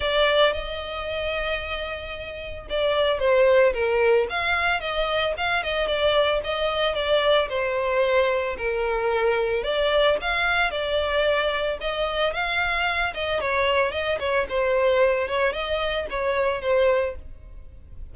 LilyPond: \new Staff \with { instrumentName = "violin" } { \time 4/4 \tempo 4 = 112 d''4 dis''2.~ | dis''4 d''4 c''4 ais'4 | f''4 dis''4 f''8 dis''8 d''4 | dis''4 d''4 c''2 |
ais'2 d''4 f''4 | d''2 dis''4 f''4~ | f''8 dis''8 cis''4 dis''8 cis''8 c''4~ | c''8 cis''8 dis''4 cis''4 c''4 | }